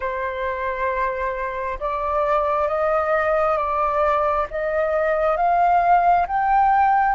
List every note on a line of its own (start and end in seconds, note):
0.00 1.79 C5
1.79 2.68 D5
2.68 3.57 D#5
3.57 4.46 D5
4.50 5.36 D#5
5.36 6.26 F5
6.27 7.15 G5